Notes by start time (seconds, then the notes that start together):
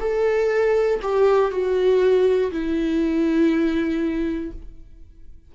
0.00 A4
1.03 G4
1.52 F#4
2.52 E4